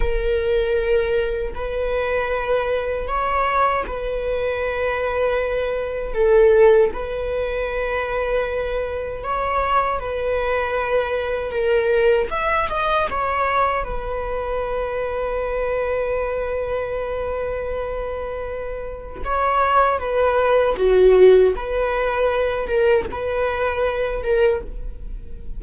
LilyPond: \new Staff \with { instrumentName = "viola" } { \time 4/4 \tempo 4 = 78 ais'2 b'2 | cis''4 b'2. | a'4 b'2. | cis''4 b'2 ais'4 |
e''8 dis''8 cis''4 b'2~ | b'1~ | b'4 cis''4 b'4 fis'4 | b'4. ais'8 b'4. ais'8 | }